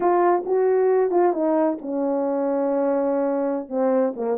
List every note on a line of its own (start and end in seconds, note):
0.00 0.44 F4
0.45 1.10 F#4
1.10 1.32 F4
1.32 1.77 D#4
1.81 3.68 C#4
3.68 4.13 C4
4.15 4.37 A#3